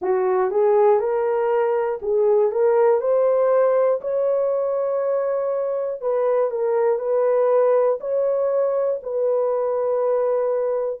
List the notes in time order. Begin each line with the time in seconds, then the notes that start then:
0.01 F#4
0.50 G#4
0.99 A#4
2.01 G#4
2.51 A#4
3.00 C5
4.01 C#5
6.01 B4
6.50 A#4
6.98 B4
8.00 C#5
9.03 B4